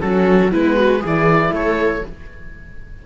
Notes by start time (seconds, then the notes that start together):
0.00 F#3 C#4 F#4 A4
0.51 G#3 B3 E4 B4
0.76 F#4
1.00 E3 E4 G#4
1.07 D5
1.51 A3 A4 C#5